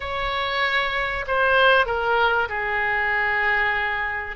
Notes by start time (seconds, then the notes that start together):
0.00 C#5
1.27 C5
1.86 A#4
2.48 G#4